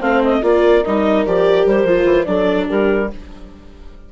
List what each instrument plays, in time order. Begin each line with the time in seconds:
0.00 bassoon A3, viola C4, horn C5, clarinet F5
0.24 clarinet D#5
0.42 bassoon A#3, viola F4, horn A#4, clarinet D5
0.84 bassoon G3, viola D#4, clarinet D#5
1.26 bassoon F3, viola G4, clarinet D5
1.66 bassoon G3, clarinet C5
1.84 bassoon F3, viola F4
2.05 bassoon E3
2.25 bassoon F#3, viola D4, horn A4, clarinet D5
2.68 bassoon G3, horn G4, clarinet A#4